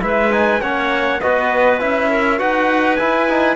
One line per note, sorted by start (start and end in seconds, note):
0.00 0.60 G#3
0.00 0.30 E4
0.00 0.61 B4
0.00 0.32 E5
0.30 0.60 D#4
0.30 0.61 G#5
0.60 1.20 A#3
0.60 1.21 C#4
0.60 1.21 C#5
0.60 1.20 F#5
1.20 1.81 B3
1.20 1.79 F#4
1.20 2.10 B4
1.20 1.80 D#5
1.79 2.40 C#4
1.79 2.38 E4
1.79 2.39 E5
2.10 2.39 A#4
2.38 2.99 D#4
2.38 2.97 F#4
2.38 3.56 B4
2.38 2.95 F#5
2.95 3.28 E4
2.95 3.56 E4
2.95 3.55 G#5
3.29 3.56 D#4